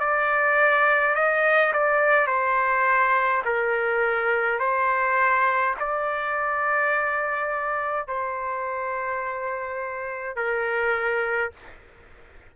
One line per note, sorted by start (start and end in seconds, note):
0.00 1.15 D5
1.15 1.73 D#5
1.73 2.27 D5
2.27 3.42 C5
3.45 4.59 A#4
4.59 5.75 C5
5.80 8.08 D5
8.08 10.36 C5
10.36 11.51 A#4